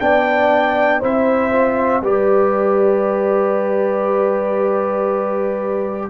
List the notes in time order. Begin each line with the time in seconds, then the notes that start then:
0.00 B3 D4 D5 G5
1.00 C4 E4 C5 E5
1.52 F4
2.02 G3 G4 B4 D5